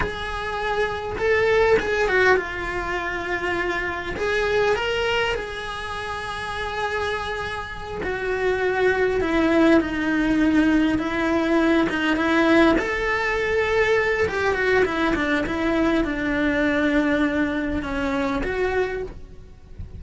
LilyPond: \new Staff \with { instrumentName = "cello" } { \time 4/4 \tempo 4 = 101 gis'2 a'4 gis'8 fis'8 | f'2. gis'4 | ais'4 gis'2.~ | gis'4. fis'2 e'8~ |
e'8 dis'2 e'4. | dis'8 e'4 a'2~ a'8 | g'8 fis'8 e'8 d'8 e'4 d'4~ | d'2 cis'4 fis'4 | }